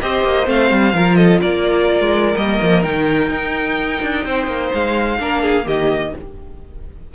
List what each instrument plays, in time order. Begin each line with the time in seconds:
0.00 cello C4, viola G4, violin C5 D#5
0.23 cello A#3
0.44 cello A3, viola C4, violin F5
0.70 cello G3
0.93 cello F3, viola F4, violin A#4
1.15 violin A4 D#5
1.40 cello A#3, violin A#4 D5
2.00 cello G#3
2.34 cello G3, viola A#3, violin D#5
2.62 cello F3
2.82 cello D#3, viola D#4, violin G5
3.29 cello D#4
4.01 cello D4
4.24 cello C4, violin C5
4.47 cello A#3
4.74 cello G#3, violin F5
5.19 cello A#3, viola D4, violin A#4
5.42 violin G#4
5.63 cello D#3, viola A#3, violin G4 D#5